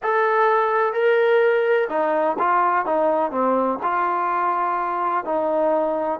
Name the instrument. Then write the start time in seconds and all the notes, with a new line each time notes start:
trombone
0.02 A4
0.93 A#4
1.89 D#4
2.39 F4
2.85 D#4
3.31 C4
3.82 F4
5.24 D#4